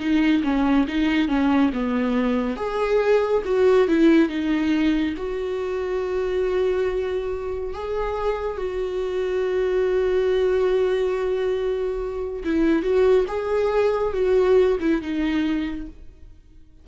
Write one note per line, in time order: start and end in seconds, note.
0.00 0.43 D#4
0.44 0.86 C#4
0.88 1.29 D#4
1.29 1.71 C#4
1.73 2.57 B3
2.57 3.43 G#4
3.45 3.88 F#4
3.88 4.29 E4
4.29 5.15 D#4
5.17 7.74 F#4
7.74 8.58 G#4
8.58 12.44 F#4
12.44 12.83 E4
12.83 13.26 F#4
13.28 14.14 G#4
14.14 14.78 F#4
14.81 15.02 E4
15.02 15.88 D#4